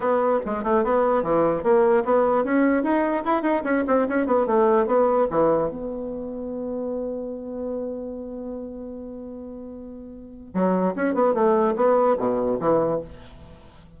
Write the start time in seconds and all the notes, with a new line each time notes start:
0.00 B3
0.45 G#3
0.63 A3
0.83 B3
1.22 E3
1.63 A#3
2.04 B3
2.44 C#4
2.83 D#4
3.24 E4
3.42 D#4
3.64 C#4
3.87 C4
4.08 C#4
4.26 B3
4.46 A3
4.86 B3
5.30 E3
5.69 B3
10.54 F#3
10.95 C#4
11.14 B3
11.33 A3
11.75 B3
12.18 B2
12.60 E3